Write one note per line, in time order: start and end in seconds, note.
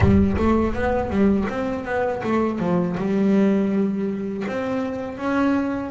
0.00 0.36 G3
0.37 0.73 A3
0.73 1.09 B3
1.09 1.46 G3
1.48 1.85 C4
1.85 2.22 B3
2.23 2.59 A3
2.59 2.96 F3
2.97 4.45 G3
4.47 5.17 C4
5.17 5.91 C#4